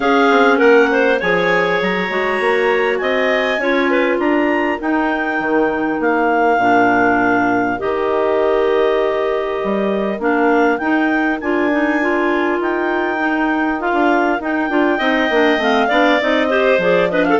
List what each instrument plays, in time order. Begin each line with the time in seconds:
0.00 bassoon C#4, clarinet C#4 G#4 F5
0.30 bassoon C4
0.58 bassoon A#3, clarinet A#4 F#5
0.91 clarinet C5
1.19 bassoon F3, clarinet G#4 C#5 G#5
1.81 bassoon F#3, clarinet A#5
2.08 bassoon G#3, clarinet F#4
2.40 bassoon A#3
2.97 bassoon C4, clarinet D#5 G#5
3.58 bassoon C#4, clarinet F4 C#5
3.90 clarinet B4
4.18 bassoon D4, clarinet A#4 A#5
4.79 clarinet D#4 G5, bassoon D#4
5.39 bassoon D#3
5.99 bassoon A#3, clarinet F5
6.57 bassoon A#2, clarinet D4
7.78 bassoon D#3, clarinet G4 D#5
9.63 bassoon G3
10.19 bassoon A#3, clarinet D4 F5
10.78 bassoon D#4, clarinet D#4 G5
11.40 bassoon D4, clarinet F4 G#5
11.71 clarinet D#4
12.01 clarinet F4
12.59 bassoon D#4, clarinet G5
13.18 clarinet D#4
13.79 clarinet F4 F5
13.93 bassoon D4
14.40 bassoon D#4, clarinet D#4 G5
14.69 bassoon D4, clarinet F4
14.97 bassoon C4, clarinet D#4 D#5
15.29 bassoon A#3, clarinet D4
15.57 bassoon A3, clarinet C4 F5
15.88 bassoon B3, clarinet D4 D5
16.20 bassoon C4, clarinet D#4 D#5
16.49 clarinet G4 C5
16.78 bassoon F3, clarinet G#4 D5
17.10 clarinet D4 B4 D#5
17.23 clarinet A4 F5